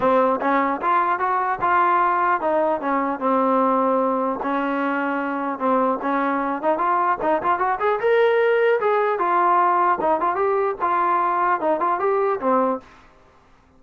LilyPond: \new Staff \with { instrumentName = "trombone" } { \time 4/4 \tempo 4 = 150 c'4 cis'4 f'4 fis'4 | f'2 dis'4 cis'4 | c'2. cis'4~ | cis'2 c'4 cis'4~ |
cis'8 dis'8 f'4 dis'8 f'8 fis'8 gis'8 | ais'2 gis'4 f'4~ | f'4 dis'8 f'8 g'4 f'4~ | f'4 dis'8 f'8 g'4 c'4 | }